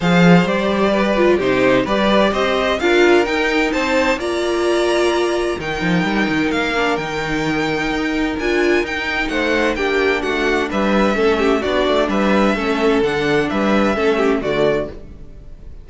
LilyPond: <<
  \new Staff \with { instrumentName = "violin" } { \time 4/4 \tempo 4 = 129 f''4 d''2 c''4 | d''4 dis''4 f''4 g''4 | a''4 ais''2. | g''2 f''4 g''4~ |
g''2 gis''4 g''4 | fis''4 g''4 fis''4 e''4~ | e''4 d''4 e''2 | fis''4 e''2 d''4 | }
  \new Staff \with { instrumentName = "violin" } { \time 4/4 c''2 b'4 g'4 | b'4 c''4 ais'2 | c''4 d''2. | ais'1~ |
ais'1 | c''4 g'4 fis'4 b'4 | a'8 g'8 fis'4 b'4 a'4~ | a'4 b'4 a'8 g'8 fis'4 | }
  \new Staff \with { instrumentName = "viola" } { \time 4/4 gis'4 g'4. f'8 dis'4 | g'2 f'4 dis'4~ | dis'4 f'2. | dis'2~ dis'8 d'8 dis'4~ |
dis'2 f'4 dis'4~ | dis'4 d'2. | cis'4 d'2 cis'4 | d'2 cis'4 a4 | }
  \new Staff \with { instrumentName = "cello" } { \time 4/4 f4 g2 c4 | g4 c'4 d'4 dis'4 | c'4 ais2. | dis8 f8 g8 dis8 ais4 dis4~ |
dis4 dis'4 d'4 dis'4 | a4 ais4 a4 g4 | a4 b8 a8 g4 a4 | d4 g4 a4 d4 | }
>>